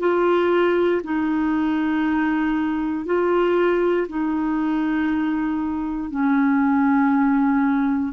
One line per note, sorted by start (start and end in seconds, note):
0.00 1.02 F4
1.04 3.06 D#4
3.06 4.08 F4
4.09 6.11 D#4
6.11 8.13 C#4